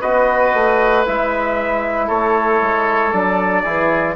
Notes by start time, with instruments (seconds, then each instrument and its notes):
0.00 bassoon B3, trombone F#4, oboe B4, trumpet D#5
0.53 bassoon A3
1.05 bassoon G#3, trombone E4, trumpet E5
2.07 bassoon A3, oboe A4, trumpet C#5
2.61 bassoon G#3
3.12 bassoon F#3, trombone D4, trumpet D5
3.62 bassoon E3, trombone E4, oboe G#4